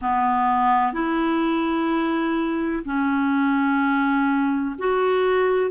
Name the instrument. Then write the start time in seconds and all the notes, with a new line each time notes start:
clarinet
0.01 B3
0.93 E4
2.85 C#4
4.78 F#4